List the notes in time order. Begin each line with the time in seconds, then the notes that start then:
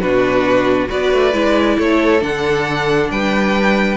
0.00 B2 D4 F#4 B4
0.88 B3 F#4 B4 D5
1.13 A3
1.33 G#3 E4
1.78 A3 A4 C#5
2.20 D3 D4 F#5
3.10 G3 B4 G5